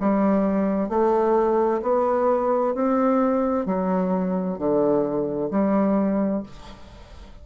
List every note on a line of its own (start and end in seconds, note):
0.00 0.89 G3
0.89 1.81 A3
1.82 2.74 B3
2.74 3.65 C4
3.65 4.58 F#3
4.58 5.50 D3
5.50 6.43 G3